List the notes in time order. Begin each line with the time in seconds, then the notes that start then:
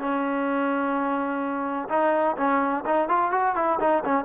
0.00 C#4
1.89 D#4
2.37 C#4
2.86 D#4
3.09 F4
3.32 F#4
3.56 E4
3.80 D#4
4.05 C#4